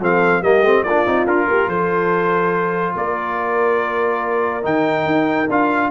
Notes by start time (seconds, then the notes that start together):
0.00 F3 C4 A4 F5
0.41 G3 A#3 G4 D#5
0.61 A3 C4
0.83 A#3 D4 F4 D5
1.06 C4 D#4
1.26 D4 F4 A#4
1.47 A#3 G4
1.67 F3 A4 C5
2.96 A#3 A#4 D5
4.62 D#3 D#4 G5
5.06 D#4
5.49 D4 F4 F5